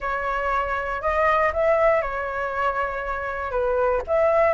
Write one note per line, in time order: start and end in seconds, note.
0.00 1.01 C#5
1.01 1.51 D#5
1.53 2.01 E5
2.01 3.51 C#5
3.51 4.01 B4
4.07 4.54 E5